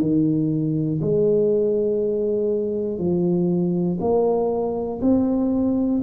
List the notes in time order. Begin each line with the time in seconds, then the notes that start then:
0.00 D#3
1.01 G#3
2.99 F3
4.00 A#3
5.02 C4